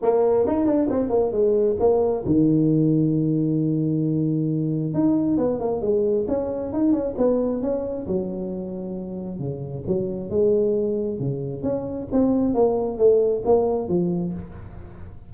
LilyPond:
\new Staff \with { instrumentName = "tuba" } { \time 4/4 \tempo 4 = 134 ais4 dis'8 d'8 c'8 ais8 gis4 | ais4 dis2.~ | dis2. dis'4 | b8 ais8 gis4 cis'4 dis'8 cis'8 |
b4 cis'4 fis2~ | fis4 cis4 fis4 gis4~ | gis4 cis4 cis'4 c'4 | ais4 a4 ais4 f4 | }